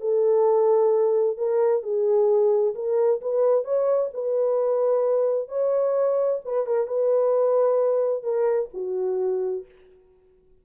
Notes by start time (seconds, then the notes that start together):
0.00 A4
1.37 A#4
1.82 G#4
2.75 A#4
3.21 B4
3.64 C#5
4.13 B4
5.48 C#5
6.45 B4
6.66 A#4
6.87 B4
8.23 A#4
8.73 F#4